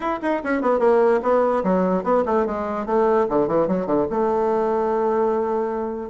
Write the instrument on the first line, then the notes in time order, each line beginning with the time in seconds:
bassoon
0.00 E4
0.22 D#4
0.43 C#4
0.61 B3
0.79 A#3
1.22 B3
1.63 F#3
2.03 B3
2.25 A3
2.46 G#3
2.86 A3
3.29 D3
3.47 E3
3.67 F#3
3.86 D3
4.10 A3